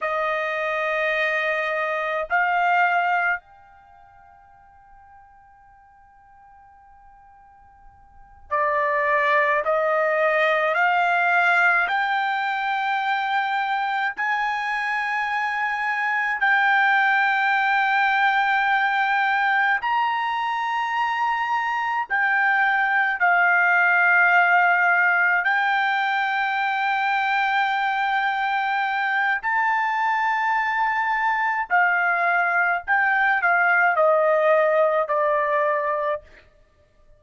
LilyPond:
\new Staff \with { instrumentName = "trumpet" } { \time 4/4 \tempo 4 = 53 dis''2 f''4 g''4~ | g''2.~ g''8 d''8~ | d''8 dis''4 f''4 g''4.~ | g''8 gis''2 g''4.~ |
g''4. ais''2 g''8~ | g''8 f''2 g''4.~ | g''2 a''2 | f''4 g''8 f''8 dis''4 d''4 | }